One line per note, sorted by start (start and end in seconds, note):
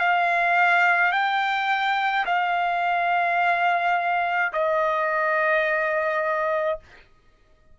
0.00 1.12 F5
1.12 2.25 G5
2.26 4.52 F5
4.53 6.79 D#5